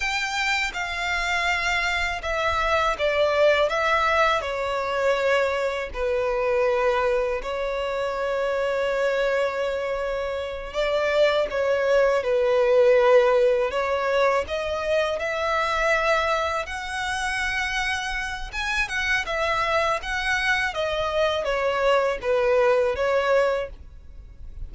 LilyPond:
\new Staff \with { instrumentName = "violin" } { \time 4/4 \tempo 4 = 81 g''4 f''2 e''4 | d''4 e''4 cis''2 | b'2 cis''2~ | cis''2~ cis''8 d''4 cis''8~ |
cis''8 b'2 cis''4 dis''8~ | dis''8 e''2 fis''4.~ | fis''4 gis''8 fis''8 e''4 fis''4 | dis''4 cis''4 b'4 cis''4 | }